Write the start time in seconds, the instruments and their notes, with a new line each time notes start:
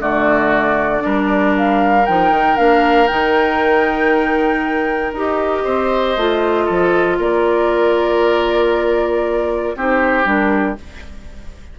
0.00 bassoon D3, clarinet A3, oboe F#4, flute D5
1.00 bassoon G3, clarinet D4, oboe A#4
1.58 flute F5
2.06 bassoon F3, clarinet D#4, flute G5
2.31 bassoon D#3
2.57 bassoon A#3, clarinet D4, flute F5
3.08 bassoon D#3, clarinet D#4, flute G5
5.13 bassoon D#4, clarinet G4, flute D#5
5.64 bassoon C4, oboe C5
6.17 bassoon A3, clarinet F4
6.66 bassoon F3, oboe A4
7.19 bassoon A#3, oboe A#4, flute D5
9.76 bassoon C4, clarinet D#4, oboe G4, flute C5
10.24 bassoon G3, clarinet D4, flute A#4